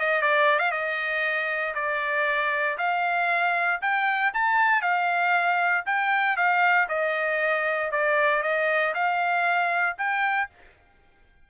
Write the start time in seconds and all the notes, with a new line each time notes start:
0.00 D#5
0.22 D5
0.60 F5
0.72 D#5
1.75 D5
2.78 F5
3.82 G5
4.34 A5
4.82 F5
5.86 G5
6.37 F5
6.89 D#5
7.92 D5
8.43 D#5
8.95 F5
9.99 G5